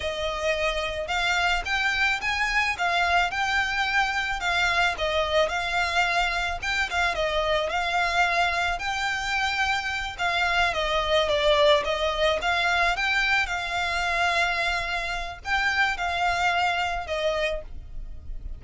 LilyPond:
\new Staff \with { instrumentName = "violin" } { \time 4/4 \tempo 4 = 109 dis''2 f''4 g''4 | gis''4 f''4 g''2 | f''4 dis''4 f''2 | g''8 f''8 dis''4 f''2 |
g''2~ g''8 f''4 dis''8~ | dis''8 d''4 dis''4 f''4 g''8~ | g''8 f''2.~ f''8 | g''4 f''2 dis''4 | }